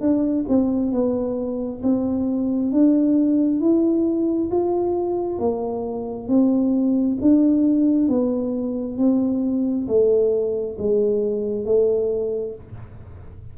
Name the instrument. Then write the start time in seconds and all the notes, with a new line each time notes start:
tuba
0.00 D4
0.48 C4
0.92 B3
1.83 C4
2.72 D4
3.60 E4
4.50 F4
5.39 A#3
6.28 C4
7.21 D4
8.08 B3
8.97 C4
9.87 A3
10.78 G#3
11.65 A3